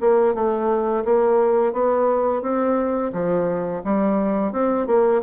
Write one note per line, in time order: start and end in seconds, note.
0.00 0.34 A#3
0.34 1.04 A3
1.05 1.73 A#3
1.73 2.42 B3
2.42 3.12 C4
3.13 3.82 F3
3.84 4.52 G3
4.52 4.87 C4
4.87 5.22 A#3